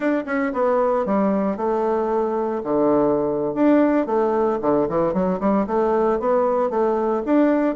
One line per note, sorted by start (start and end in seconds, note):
0.00 0.23 D4
0.26 0.52 C#4
0.53 1.05 B3
1.05 1.56 G3
1.56 2.62 A3
2.63 3.54 D3
3.54 4.06 D4
4.06 4.58 A3
4.61 4.88 D3
4.89 5.13 E3
5.13 5.39 F#3
5.40 5.66 G3
5.67 6.19 A3
6.19 6.70 B3
6.70 7.22 A3
7.25 7.75 D4